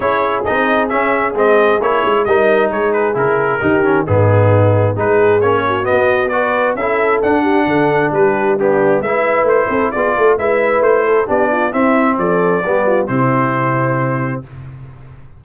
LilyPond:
<<
  \new Staff \with { instrumentName = "trumpet" } { \time 4/4 \tempo 4 = 133 cis''4 dis''4 e''4 dis''4 | cis''4 dis''4 cis''8 b'8 ais'4~ | ais'4 gis'2 b'4 | cis''4 dis''4 d''4 e''4 |
fis''2 b'4 g'4 | e''4 c''4 d''4 e''4 | c''4 d''4 e''4 d''4~ | d''4 c''2. | }
  \new Staff \with { instrumentName = "horn" } { \time 4/4 gis'1~ | gis'4 ais'4 gis'2 | g'4 dis'2 gis'4~ | gis'8 fis'4. b'4 a'4~ |
a'8 g'8 a'4 g'4 d'4 | b'4. a'8 gis'8 a'8 b'4~ | b'8 a'8 g'8 f'8 e'4 a'4 | g'8 f'8 e'2. | }
  \new Staff \with { instrumentName = "trombone" } { \time 4/4 e'4 dis'4 cis'4 c'4 | e'4 dis'2 e'4 | dis'8 cis'8 b2 dis'4 | cis'4 b4 fis'4 e'4 |
d'2. b4 | e'2 f'4 e'4~ | e'4 d'4 c'2 | b4 c'2. | }
  \new Staff \with { instrumentName = "tuba" } { \time 4/4 cis'4 c'4 cis'4 gis4 | ais8 gis8 g4 gis4 cis4 | dis4 gis,2 gis4 | ais4 b2 cis'4 |
d'4 d4 g2 | gis4 a8 c'8 b8 a8 gis4 | a4 b4 c'4 f4 | g4 c2. | }
>>